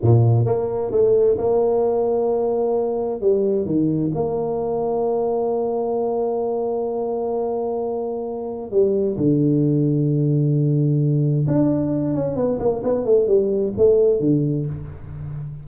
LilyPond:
\new Staff \with { instrumentName = "tuba" } { \time 4/4 \tempo 4 = 131 ais,4 ais4 a4 ais4~ | ais2. g4 | dis4 ais2.~ | ais1~ |
ais2. g4 | d1~ | d4 d'4. cis'8 b8 ais8 | b8 a8 g4 a4 d4 | }